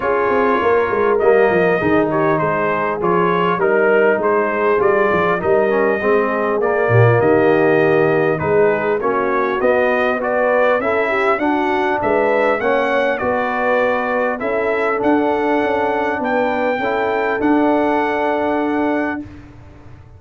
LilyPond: <<
  \new Staff \with { instrumentName = "trumpet" } { \time 4/4 \tempo 4 = 100 cis''2 dis''4. cis''8 | c''4 cis''4 ais'4 c''4 | d''4 dis''2 d''4 | dis''2 b'4 cis''4 |
dis''4 d''4 e''4 fis''4 | e''4 fis''4 d''2 | e''4 fis''2 g''4~ | g''4 fis''2. | }
  \new Staff \with { instrumentName = "horn" } { \time 4/4 gis'4 ais'2 gis'8 g'8 | gis'2 ais'4 gis'4~ | gis'4 ais'4 gis'4. g'16 f'16 | g'2 gis'4 fis'4~ |
fis'4 b'4 a'8 g'8 fis'4 | b'4 cis''4 b'2 | a'2. b'4 | a'1 | }
  \new Staff \with { instrumentName = "trombone" } { \time 4/4 f'2 ais4 dis'4~ | dis'4 f'4 dis'2 | f'4 dis'8 cis'8 c'4 ais4~ | ais2 dis'4 cis'4 |
b4 fis'4 e'4 d'4~ | d'4 cis'4 fis'2 | e'4 d'2. | e'4 d'2. | }
  \new Staff \with { instrumentName = "tuba" } { \time 4/4 cis'8 c'8 ais8 gis8 g8 f8 dis4 | gis4 f4 g4 gis4 | g8 f8 g4 gis4 ais8 ais,8 | dis2 gis4 ais4 |
b2 cis'4 d'4 | gis4 ais4 b2 | cis'4 d'4 cis'4 b4 | cis'4 d'2. | }
>>